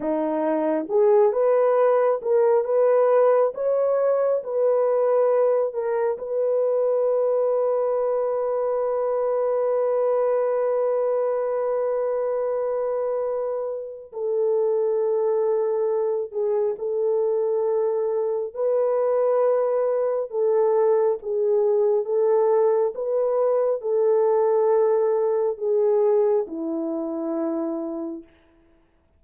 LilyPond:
\new Staff \with { instrumentName = "horn" } { \time 4/4 \tempo 4 = 68 dis'4 gis'8 b'4 ais'8 b'4 | cis''4 b'4. ais'8 b'4~ | b'1~ | b'1 |
a'2~ a'8 gis'8 a'4~ | a'4 b'2 a'4 | gis'4 a'4 b'4 a'4~ | a'4 gis'4 e'2 | }